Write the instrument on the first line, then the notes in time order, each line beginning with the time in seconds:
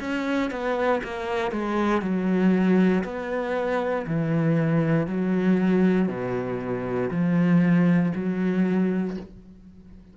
cello
0.00 C#4
0.51 B3
1.04 A#3
1.52 G#3
2.02 F#3
3.04 B3
4.07 E3
5.07 F#3
6.08 B2
7.11 F3
8.15 F#3